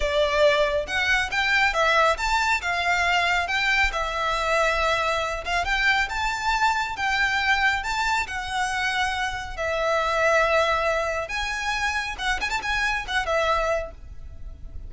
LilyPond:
\new Staff \with { instrumentName = "violin" } { \time 4/4 \tempo 4 = 138 d''2 fis''4 g''4 | e''4 a''4 f''2 | g''4 e''2.~ | e''8 f''8 g''4 a''2 |
g''2 a''4 fis''4~ | fis''2 e''2~ | e''2 gis''2 | fis''8 gis''16 a''16 gis''4 fis''8 e''4. | }